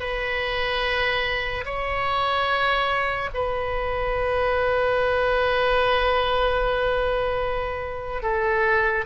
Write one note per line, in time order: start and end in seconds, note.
0.00 1.64 B4
1.65 3.29 C#5
3.34 8.22 B4
8.22 9.04 A4